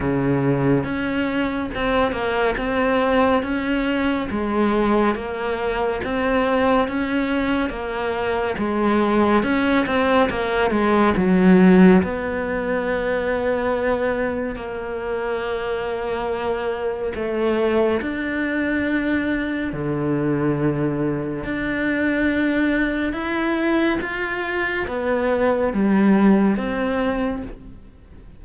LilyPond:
\new Staff \with { instrumentName = "cello" } { \time 4/4 \tempo 4 = 70 cis4 cis'4 c'8 ais8 c'4 | cis'4 gis4 ais4 c'4 | cis'4 ais4 gis4 cis'8 c'8 | ais8 gis8 fis4 b2~ |
b4 ais2. | a4 d'2 d4~ | d4 d'2 e'4 | f'4 b4 g4 c'4 | }